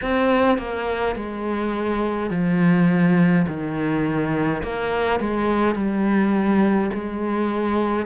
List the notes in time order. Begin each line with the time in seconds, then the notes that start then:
0.01 C4
0.58 A#3
1.15 G#3
2.30 F3
3.47 D#3
4.63 A#3
5.20 G#3
5.75 G3
6.93 G#3